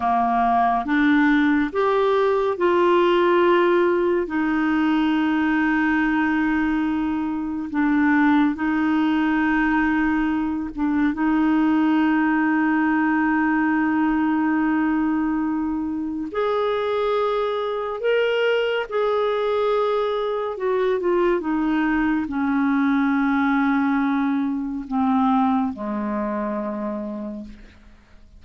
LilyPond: \new Staff \with { instrumentName = "clarinet" } { \time 4/4 \tempo 4 = 70 ais4 d'4 g'4 f'4~ | f'4 dis'2.~ | dis'4 d'4 dis'2~ | dis'8 d'8 dis'2.~ |
dis'2. gis'4~ | gis'4 ais'4 gis'2 | fis'8 f'8 dis'4 cis'2~ | cis'4 c'4 gis2 | }